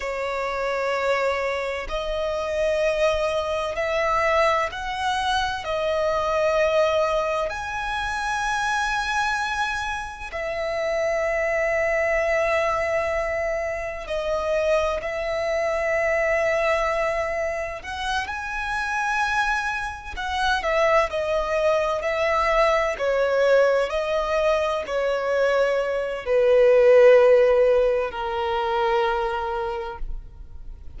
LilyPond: \new Staff \with { instrumentName = "violin" } { \time 4/4 \tempo 4 = 64 cis''2 dis''2 | e''4 fis''4 dis''2 | gis''2. e''4~ | e''2. dis''4 |
e''2. fis''8 gis''8~ | gis''4. fis''8 e''8 dis''4 e''8~ | e''8 cis''4 dis''4 cis''4. | b'2 ais'2 | }